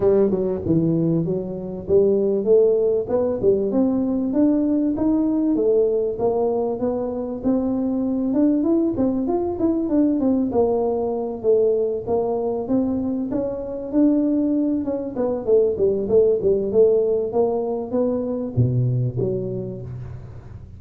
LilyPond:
\new Staff \with { instrumentName = "tuba" } { \time 4/4 \tempo 4 = 97 g8 fis8 e4 fis4 g4 | a4 b8 g8 c'4 d'4 | dis'4 a4 ais4 b4 | c'4. d'8 e'8 c'8 f'8 e'8 |
d'8 c'8 ais4. a4 ais8~ | ais8 c'4 cis'4 d'4. | cis'8 b8 a8 g8 a8 g8 a4 | ais4 b4 b,4 fis4 | }